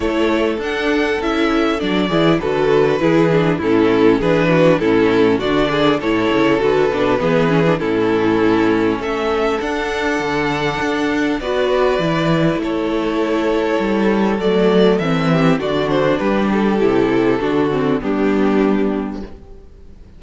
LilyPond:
<<
  \new Staff \with { instrumentName = "violin" } { \time 4/4 \tempo 4 = 100 cis''4 fis''4 e''4 d''4 | b'2 a'4 b'4 | a'4 d''4 cis''4 b'4~ | b'4 a'2 e''4 |
fis''2. d''4~ | d''4 cis''2. | d''4 e''4 d''8 c''8 b'8 a'8~ | a'2 g'2 | }
  \new Staff \with { instrumentName = "violin" } { \time 4/4 a'2.~ a'8 gis'8 | a'4 gis'4 e'4 gis'8 fis'8 | e'4 fis'8 gis'8 a'2 | gis'4 e'2 a'4~ |
a'2. b'4~ | b'4 a'2.~ | a'4. g'8 fis'4 g'4~ | g'4 fis'4 d'2 | }
  \new Staff \with { instrumentName = "viola" } { \time 4/4 e'4 d'4 e'4 d'8 e'8 | fis'4 e'8 d'8 cis'4 d'4 | cis'4 d'4 e'4 fis'8 d'8 | b8 cis'16 d'16 cis'2. |
d'2. fis'4 | e'1 | a4 c'4 d'2 | e'4 d'8 c'8 b2 | }
  \new Staff \with { instrumentName = "cello" } { \time 4/4 a4 d'4 cis'4 fis8 e8 | d4 e4 a,4 e4 | a,4 d4 a,8 cis8 d8 b,8 | e4 a,2 a4 |
d'4 d4 d'4 b4 | e4 a2 g4 | fis4 e4 d4 g4 | c4 d4 g2 | }
>>